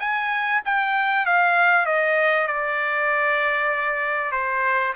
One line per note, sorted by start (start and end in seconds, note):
0.00 0.62 G#5
0.65 1.26 G5
1.26 1.86 F5
1.86 2.48 D#5
2.48 4.32 D5
4.32 4.94 C5